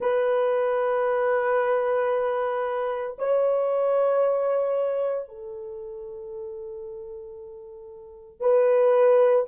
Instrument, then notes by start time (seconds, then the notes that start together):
horn
0.00 B4
3.18 C#5
5.28 A4
8.40 B4